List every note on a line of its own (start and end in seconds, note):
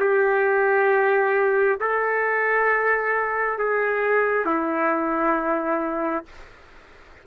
0.00 1.79 G4
1.81 3.59 A4
3.59 4.46 G#4
4.46 6.25 E4